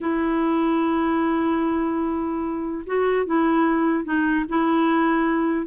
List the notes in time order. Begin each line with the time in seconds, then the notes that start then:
0.01 E4
2.86 F#4
3.26 E4
4.04 D#4
4.48 E4